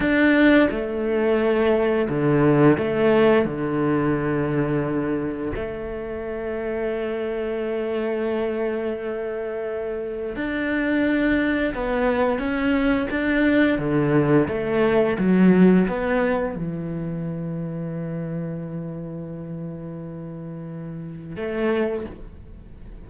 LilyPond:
\new Staff \with { instrumentName = "cello" } { \time 4/4 \tempo 4 = 87 d'4 a2 d4 | a4 d2. | a1~ | a2. d'4~ |
d'4 b4 cis'4 d'4 | d4 a4 fis4 b4 | e1~ | e2. a4 | }